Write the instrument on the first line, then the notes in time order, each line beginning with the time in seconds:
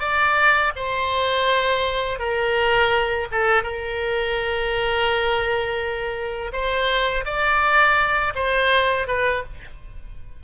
oboe
0.00 D5
0.76 C5
2.19 A#4
3.32 A4
3.63 A#4
6.53 C5
7.26 D5
8.35 C5
9.08 B4